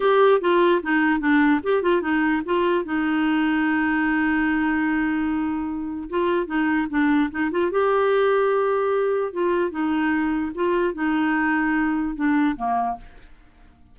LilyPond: \new Staff \with { instrumentName = "clarinet" } { \time 4/4 \tempo 4 = 148 g'4 f'4 dis'4 d'4 | g'8 f'8 dis'4 f'4 dis'4~ | dis'1~ | dis'2. f'4 |
dis'4 d'4 dis'8 f'8 g'4~ | g'2. f'4 | dis'2 f'4 dis'4~ | dis'2 d'4 ais4 | }